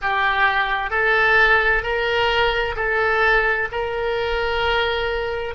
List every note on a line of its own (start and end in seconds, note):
0.01 0.90 G4
0.90 1.83 A4
1.83 2.75 A#4
2.76 3.68 A4
3.71 5.54 A#4